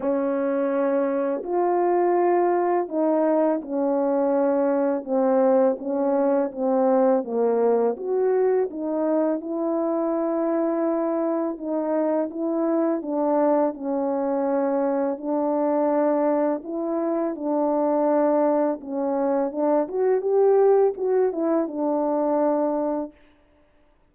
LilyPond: \new Staff \with { instrumentName = "horn" } { \time 4/4 \tempo 4 = 83 cis'2 f'2 | dis'4 cis'2 c'4 | cis'4 c'4 ais4 fis'4 | dis'4 e'2. |
dis'4 e'4 d'4 cis'4~ | cis'4 d'2 e'4 | d'2 cis'4 d'8 fis'8 | g'4 fis'8 e'8 d'2 | }